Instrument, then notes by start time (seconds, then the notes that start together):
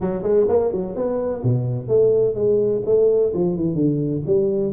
tuba
0.01 F#3
0.22 G#3
0.48 A#3
0.72 F#3
0.95 B3
1.43 B2
1.87 A3
2.34 G#3
2.85 A3
3.34 F3
3.56 E3
3.74 D3
4.26 G3